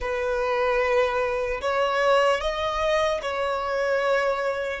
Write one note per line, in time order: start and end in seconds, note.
0.00 1.60 B4
1.61 2.40 C#5
2.40 3.20 D#5
3.21 4.80 C#5